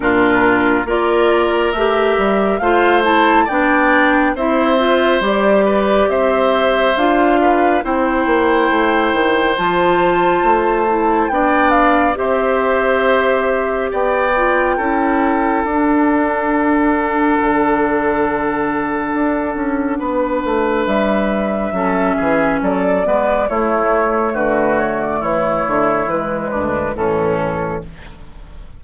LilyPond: <<
  \new Staff \with { instrumentName = "flute" } { \time 4/4 \tempo 4 = 69 ais'4 d''4 e''4 f''8 a''8 | g''4 e''4 d''4 e''4 | f''4 g''2 a''4~ | a''4 g''8 f''8 e''2 |
g''2 fis''2~ | fis''1 | e''2 d''4 cis''4 | b'8 cis''16 d''16 cis''4 b'4 a'4 | }
  \new Staff \with { instrumentName = "oboe" } { \time 4/4 f'4 ais'2 c''4 | d''4 c''4. b'8 c''4~ | c''8 b'8 c''2.~ | c''4 d''4 c''2 |
d''4 a'2.~ | a'2. b'4~ | b'4 a'8 gis'8 a'8 b'8 e'4 | fis'4 e'4. d'8 cis'4 | }
  \new Staff \with { instrumentName = "clarinet" } { \time 4/4 d'4 f'4 g'4 f'8 e'8 | d'4 e'8 f'8 g'2 | f'4 e'2 f'4~ | f'8 e'8 d'4 g'2~ |
g'8 f'8 e'4 d'2~ | d'1~ | d'4 cis'4. b8 a4~ | a2 gis4 e4 | }
  \new Staff \with { instrumentName = "bassoon" } { \time 4/4 ais,4 ais4 a8 g8 a4 | b4 c'4 g4 c'4 | d'4 c'8 ais8 a8 dis8 f4 | a4 b4 c'2 |
b4 cis'4 d'2 | d2 d'8 cis'8 b8 a8 | g4 fis8 e8 fis8 gis8 a4 | d4 e8 d8 e8 d,8 a,4 | }
>>